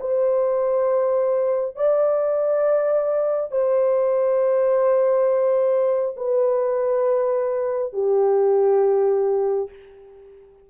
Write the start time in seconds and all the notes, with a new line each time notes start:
0.00 C5
1.76 D5
3.51 C5
6.16 B4
7.93 G4